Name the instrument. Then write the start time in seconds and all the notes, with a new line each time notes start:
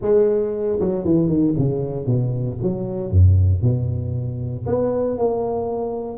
tuba
0.01 G#3
0.79 F#3
1.04 E3
1.28 D#3
1.58 C#3
2.06 B2
2.62 F#3
3.10 F#2
3.62 B2
4.66 B3
5.18 A#3